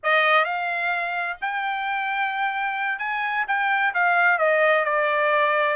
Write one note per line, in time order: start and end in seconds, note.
0.03 0.44 D#5
0.44 1.37 F5
1.41 2.99 G5
2.99 3.45 G#5
3.47 3.93 G5
3.93 4.38 F5
4.38 4.84 D#5
4.84 5.76 D5